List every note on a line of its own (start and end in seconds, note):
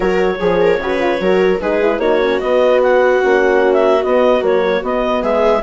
0.00 0.36 F#3
0.00 0.39 F#4
0.00 0.37 A#4
0.00 1.60 C#5
0.39 0.78 F3
0.39 0.79 G#4
0.39 0.60 G#4
0.60 0.80 A#4
0.78 1.18 C#3
0.78 0.99 F#4
0.78 1.21 B4
0.99 1.19 F4
1.20 1.60 F#3
1.20 1.60 F#4
1.20 1.61 A#4
1.60 1.98 G#3
1.60 1.81 D#4
1.60 2.00 G#4
1.60 1.99 B4
1.81 2.00 E4
1.98 2.38 A#3
1.98 2.20 D#4
1.98 5.22 F#4
1.98 2.40 C#5
2.21 2.41 C#4
2.40 3.21 B3
2.40 3.23 B3
2.40 2.80 D#5
2.82 3.73 F#5
3.21 4.03 A#3
3.21 4.02 C#4
3.73 4.03 E5
4.03 4.41 B3
4.03 4.43 B3
4.03 4.43 D#5
4.41 4.82 F#3
4.41 4.81 A#3
4.41 4.84 C#5
4.82 5.62 B3
4.82 5.23 B3
4.82 5.23 D#5
5.22 5.63 G#3
5.22 5.62 G#4
5.22 5.63 E5